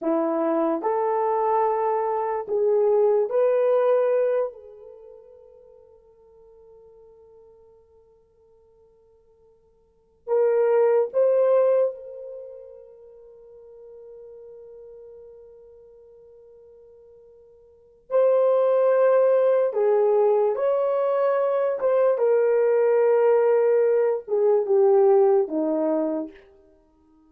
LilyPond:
\new Staff \with { instrumentName = "horn" } { \time 4/4 \tempo 4 = 73 e'4 a'2 gis'4 | b'4. a'2~ a'8~ | a'1~ | a'8 ais'4 c''4 ais'4.~ |
ais'1~ | ais'2 c''2 | gis'4 cis''4. c''8 ais'4~ | ais'4. gis'8 g'4 dis'4 | }